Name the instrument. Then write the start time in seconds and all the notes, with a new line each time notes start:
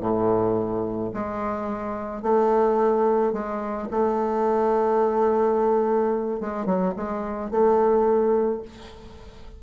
bassoon
0.00 A2
1.14 G#3
2.22 A3
3.33 G#3
3.91 A3
6.40 G#3
6.66 F#3
6.96 G#3
7.51 A3